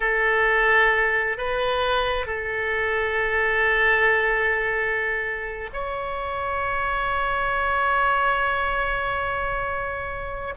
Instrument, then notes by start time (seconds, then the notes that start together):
oboe
0.00 A4
1.37 B4
2.26 A4
5.73 C#5